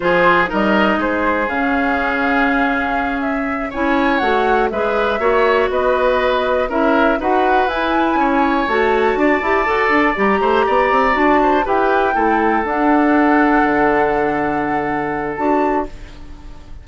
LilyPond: <<
  \new Staff \with { instrumentName = "flute" } { \time 4/4 \tempo 4 = 121 c''4 dis''4 c''4 f''4~ | f''2~ f''8 e''4 gis''8~ | gis''8 fis''4 e''2 dis''8~ | dis''4. e''4 fis''4 gis''8~ |
gis''4. a''2~ a''8~ | a''8 ais''2 a''4 g''8~ | g''4. fis''2~ fis''8~ | fis''2. a''4 | }
  \new Staff \with { instrumentName = "oboe" } { \time 4/4 gis'4 ais'4 gis'2~ | gis'2.~ gis'8 cis''8~ | cis''4. b'4 cis''4 b'8~ | b'4. ais'4 b'4.~ |
b'8 cis''2 d''4.~ | d''4 c''8 d''4. c''8 b'8~ | b'8 a'2.~ a'8~ | a'1 | }
  \new Staff \with { instrumentName = "clarinet" } { \time 4/4 f'4 dis'2 cis'4~ | cis'2.~ cis'8 e'8~ | e'8 fis'4 gis'4 fis'4.~ | fis'4. e'4 fis'4 e'8~ |
e'4. fis'4. g'8 a'8~ | a'8 g'2 fis'4 g'8~ | g'8 e'4 d'2~ d'8~ | d'2. fis'4 | }
  \new Staff \with { instrumentName = "bassoon" } { \time 4/4 f4 g4 gis4 cis4~ | cis2.~ cis8 cis'8~ | cis'8 a4 gis4 ais4 b8~ | b4. cis'4 dis'4 e'8~ |
e'8 cis'4 a4 d'8 e'8 fis'8 | d'8 g8 a8 b8 c'8 d'4 e'8~ | e'8 a4 d'2 d8~ | d2. d'4 | }
>>